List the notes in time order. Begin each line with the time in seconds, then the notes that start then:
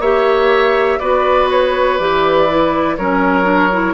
0.00 A#3 G4 C#5 E5
0.99 B3 F#4 B4 D5
1.51 C#5
1.98 E3 G4 D5
2.49 E4
2.97 F#3 C#4 A#4 C#5
3.44 D4
3.73 E4